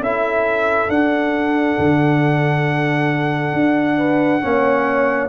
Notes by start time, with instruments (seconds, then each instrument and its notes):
0.00 tuba C#4, trombone E4, horn A4, trumpet E5
0.89 tuba D4, trombone D4, trumpet F#5
1.79 tuba D3
3.54 tuba D4
3.98 horn B4
4.42 tuba A#3, trombone C#4, horn C#5